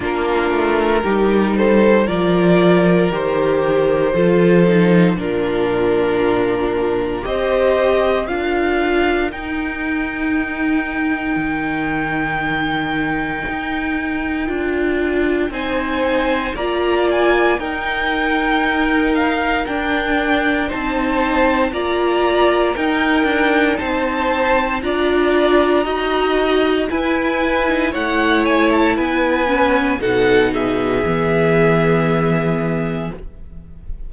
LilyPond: <<
  \new Staff \with { instrumentName = "violin" } { \time 4/4 \tempo 4 = 58 ais'4. c''8 d''4 c''4~ | c''4 ais'2 dis''4 | f''4 g''2.~ | g''2. gis''4 |
ais''8 gis''8 g''4. f''8 g''4 | a''4 ais''4 g''4 a''4 | ais''2 gis''4 fis''8 gis''16 a''16 | gis''4 fis''8 e''2~ e''8 | }
  \new Staff \with { instrumentName = "violin" } { \time 4/4 f'4 g'8 a'8 ais'2 | a'4 f'2 c''4 | ais'1~ | ais'2. c''4 |
d''4 ais'2. | c''4 d''4 ais'4 c''4 | d''4 dis''4 b'4 cis''4 | b'4 a'8 gis'2~ gis'8 | }
  \new Staff \with { instrumentName = "viola" } { \time 4/4 d'4 dis'4 f'4 g'4 | f'8 dis'8 d'2 g'4 | f'4 dis'2.~ | dis'2 f'4 dis'4 |
f'4 dis'2 d'4 | dis'4 f'4 dis'2 | f'4 fis'4 e'8. dis'16 e'4~ | e'8 cis'8 dis'4 b2 | }
  \new Staff \with { instrumentName = "cello" } { \time 4/4 ais8 a8 g4 f4 dis4 | f4 ais,2 c'4 | d'4 dis'2 dis4~ | dis4 dis'4 d'4 c'4 |
ais4 dis'2 d'4 | c'4 ais4 dis'8 d'8 c'4 | d'4 dis'4 e'4 a4 | b4 b,4 e2 | }
>>